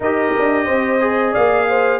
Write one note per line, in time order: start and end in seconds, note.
0.00 0.32 D#4
0.00 1.00 G4
0.00 0.64 A#4
0.00 1.34 D#5
0.38 0.67 D4
0.64 1.34 C4
0.64 1.31 C5
1.00 1.99 G#4
1.31 1.99 A#3
1.31 1.65 D5
1.31 1.99 F5
1.68 1.99 C5